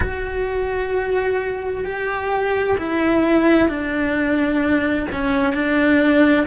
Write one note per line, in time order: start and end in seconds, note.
0.00 1.85 F#4
1.85 2.77 G4
2.77 3.68 E4
3.68 5.06 D4
5.11 5.53 C#4
5.53 6.46 D4